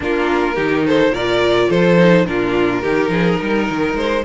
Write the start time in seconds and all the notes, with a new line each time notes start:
0.00 A#3 D4 F4 A#4
0.54 D#3 D#4 G4
0.86 A4 C5
1.10 A#2 F4 A#4 D5
1.69 F3 A4 C5
1.97 D#4
2.25 A#2 D4 F4 A#4
2.82 D#3 D#4 G4
3.08 F3 G#4
3.39 G3 A#4
3.70 D#3
3.94 G#3 C5